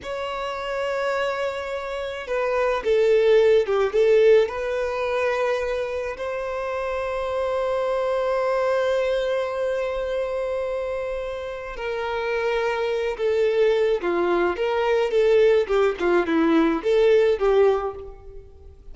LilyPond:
\new Staff \with { instrumentName = "violin" } { \time 4/4 \tempo 4 = 107 cis''1 | b'4 a'4. g'8 a'4 | b'2. c''4~ | c''1~ |
c''1~ | c''4 ais'2~ ais'8 a'8~ | a'4 f'4 ais'4 a'4 | g'8 f'8 e'4 a'4 g'4 | }